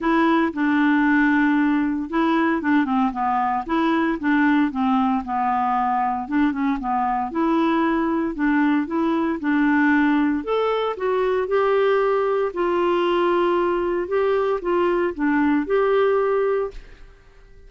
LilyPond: \new Staff \with { instrumentName = "clarinet" } { \time 4/4 \tempo 4 = 115 e'4 d'2. | e'4 d'8 c'8 b4 e'4 | d'4 c'4 b2 | d'8 cis'8 b4 e'2 |
d'4 e'4 d'2 | a'4 fis'4 g'2 | f'2. g'4 | f'4 d'4 g'2 | }